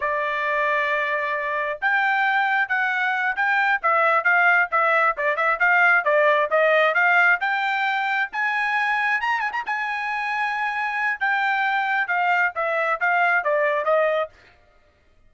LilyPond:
\new Staff \with { instrumentName = "trumpet" } { \time 4/4 \tempo 4 = 134 d''1 | g''2 fis''4. g''8~ | g''8 e''4 f''4 e''4 d''8 | e''8 f''4 d''4 dis''4 f''8~ |
f''8 g''2 gis''4.~ | gis''8 ais''8 gis''16 ais''16 gis''2~ gis''8~ | gis''4 g''2 f''4 | e''4 f''4 d''4 dis''4 | }